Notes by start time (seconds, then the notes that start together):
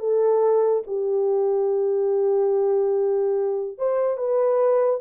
0.00 A4
0.87 G4
3.78 C5
4.17 B4